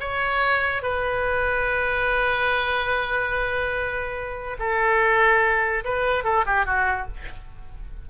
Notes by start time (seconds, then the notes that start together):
0.00 C#5
0.83 B4
4.59 A4
5.84 B4
6.24 A4
6.46 G4
6.66 F#4